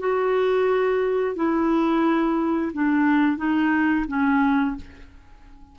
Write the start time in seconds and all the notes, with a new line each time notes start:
0.00 F#4
1.36 E4
2.74 D4
3.37 D#4
4.08 C#4